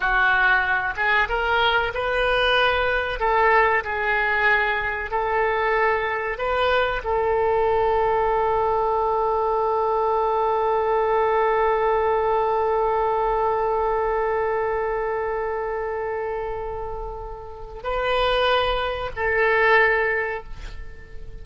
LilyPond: \new Staff \with { instrumentName = "oboe" } { \time 4/4 \tempo 4 = 94 fis'4. gis'8 ais'4 b'4~ | b'4 a'4 gis'2 | a'2 b'4 a'4~ | a'1~ |
a'1~ | a'1~ | a'1 | b'2 a'2 | }